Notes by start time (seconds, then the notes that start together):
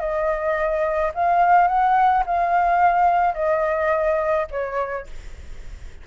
0.00 D#5
1.14 F5
1.67 F#5
2.26 F5
3.34 D#5
4.51 C#5